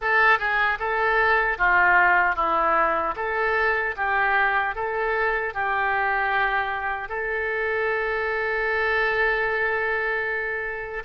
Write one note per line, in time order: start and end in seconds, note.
0.01 0.38 A4
0.38 0.78 G#4
0.79 1.58 A4
1.58 2.35 F4
2.35 3.14 E4
3.16 3.95 A4
3.96 4.75 G4
4.75 5.53 A4
5.53 7.08 G4
7.08 11.03 A4